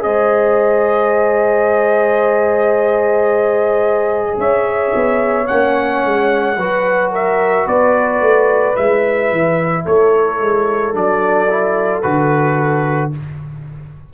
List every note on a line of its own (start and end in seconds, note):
0.00 4.38 G#3
0.00 5.45 G#4
0.00 4.40 C5
0.00 4.39 D#5
4.38 4.92 C#4
4.38 6.58 C#5
4.38 5.47 E5
4.95 5.50 B3
5.47 6.05 A#3
5.47 6.57 C#4
5.47 7.11 F#5
6.05 6.57 G#3
6.57 7.66 F#3
6.57 8.76 F#4
6.57 7.12 B4
7.12 7.66 A#4
7.12 7.68 E5
7.66 8.21 B3
7.66 9.85 B4
7.66 8.77 D5
8.21 8.75 A3
8.76 9.31 G#3
8.76 10.93 E4
8.76 9.86 E5
9.31 9.85 E3
9.85 10.40 A3
9.85 13.13 A4
9.85 10.96 C#5
10.40 10.95 G#3
10.93 12.04 F#3
10.93 11.48 D4
10.93 12.02 D5
11.50 12.03 E4
12.02 13.14 D3
12.02 13.12 F#4
12.02 13.11 B4